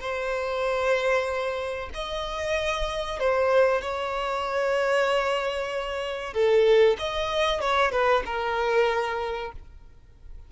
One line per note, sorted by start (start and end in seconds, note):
0.00 1.89 C5
1.94 3.20 D#5
3.20 3.81 C5
3.81 6.34 C#5
6.34 6.97 A4
6.98 7.60 D#5
7.60 7.91 C#5
7.91 8.23 B4
8.26 9.52 A#4